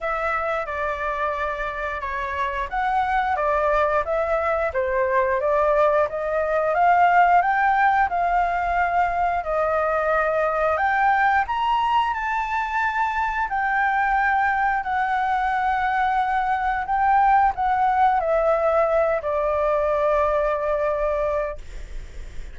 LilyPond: \new Staff \with { instrumentName = "flute" } { \time 4/4 \tempo 4 = 89 e''4 d''2 cis''4 | fis''4 d''4 e''4 c''4 | d''4 dis''4 f''4 g''4 | f''2 dis''2 |
g''4 ais''4 a''2 | g''2 fis''2~ | fis''4 g''4 fis''4 e''4~ | e''8 d''2.~ d''8 | }